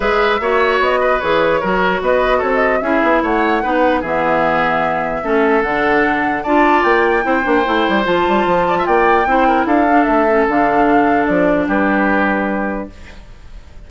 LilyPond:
<<
  \new Staff \with { instrumentName = "flute" } { \time 4/4 \tempo 4 = 149 e''2 dis''4 cis''4~ | cis''4 dis''4 cis''16 dis''8. e''4 | fis''2 e''2~ | e''2 fis''2 |
a''4 g''2. | a''2 g''2 | f''4 e''4 f''2 | d''4 b'2. | }
  \new Staff \with { instrumentName = "oboe" } { \time 4/4 b'4 cis''4. b'4. | ais'4 b'4 a'4 gis'4 | cis''4 b'4 gis'2~ | gis'4 a'2. |
d''2 c''2~ | c''4. d''16 e''16 d''4 c''8 ais'8 | a'1~ | a'4 g'2. | }
  \new Staff \with { instrumentName = "clarinet" } { \time 4/4 gis'4 fis'2 gis'4 | fis'2. e'4~ | e'4 dis'4 b2~ | b4 cis'4 d'2 |
f'2 e'8 d'8 e'4 | f'2. e'4~ | e'8 d'4 cis'8 d'2~ | d'1 | }
  \new Staff \with { instrumentName = "bassoon" } { \time 4/4 gis4 ais4 b4 e4 | fis4 b4 c'4 cis'8 b8 | a4 b4 e2~ | e4 a4 d2 |
d'4 ais4 c'8 ais8 a8 g8 | f8 g8 f4 ais4 c'4 | d'4 a4 d2 | f4 g2. | }
>>